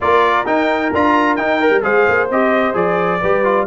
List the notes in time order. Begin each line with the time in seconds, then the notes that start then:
0.00 A#3 F4 A#4 D5
0.45 D#4 G5
0.93 D4 F4 A#5
1.35 D#4 G5
1.61 A#4
1.70 G3
1.82 G#3 G#4 C5 F5
2.08 A#3
2.30 C4 G4 D#5
2.73 F3 G#4 D5
3.20 G3 G4 B4
3.43 F4